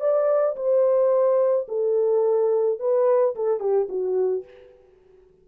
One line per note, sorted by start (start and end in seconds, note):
0.00 0.56 D5
0.56 1.67 C5
1.68 2.79 A4
2.79 3.35 B4
3.35 3.60 A4
3.60 3.88 G4
3.89 4.44 F#4